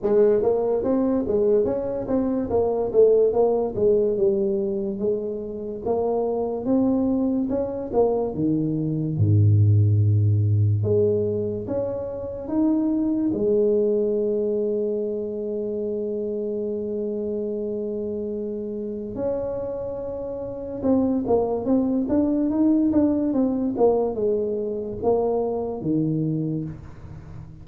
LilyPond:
\new Staff \with { instrumentName = "tuba" } { \time 4/4 \tempo 4 = 72 gis8 ais8 c'8 gis8 cis'8 c'8 ais8 a8 | ais8 gis8 g4 gis4 ais4 | c'4 cis'8 ais8 dis4 gis,4~ | gis,4 gis4 cis'4 dis'4 |
gis1~ | gis2. cis'4~ | cis'4 c'8 ais8 c'8 d'8 dis'8 d'8 | c'8 ais8 gis4 ais4 dis4 | }